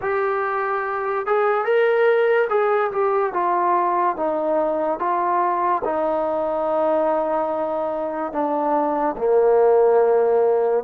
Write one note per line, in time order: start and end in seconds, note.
0.01 1.26 G4
1.26 1.64 G#4
1.64 2.48 A#4
2.49 2.91 G#4
2.91 3.33 G4
3.33 4.16 F4
4.16 4.98 D#4
4.98 5.82 F4
5.84 8.32 D#4
8.32 9.15 D4
9.17 10.84 A#3